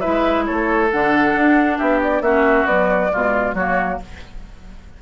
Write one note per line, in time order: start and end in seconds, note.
0.00 0.90 E4
0.00 0.44 B4
0.00 0.44 E5
0.06 0.49 G#3
0.45 0.93 A3
0.45 1.78 A4
0.45 0.89 C#5
0.91 1.35 D3
0.91 2.24 D4
0.91 1.79 F#5
1.35 1.79 D4
1.78 2.21 B3
1.78 2.22 G4
1.78 2.01 E5
2.03 2.22 D5
2.21 2.65 A#3
2.21 2.68 C#4
2.21 3.12 F#4
2.21 2.66 E5
2.65 3.11 F#3
2.65 3.09 B3
2.65 3.55 D5
3.11 3.54 B2
3.11 3.56 G#3
3.11 3.55 F4
3.54 3.98 F#3
3.54 4.02 A#3
3.54 3.99 F#4
3.54 4.00 C#5